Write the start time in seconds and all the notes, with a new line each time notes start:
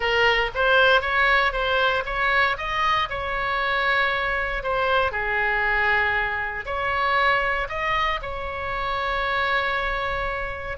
0.00 A#4
0.55 C5
1.01 C#5
1.52 C5
2.05 C#5
2.57 D#5
3.09 C#5
4.63 C5
5.11 G#4
6.65 C#5
7.68 D#5
8.21 C#5